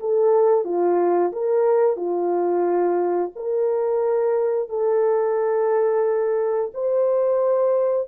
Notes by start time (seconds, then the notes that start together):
0.00 A4
0.65 F4
1.33 A#4
1.96 F4
3.36 A#4
4.69 A4
6.74 C5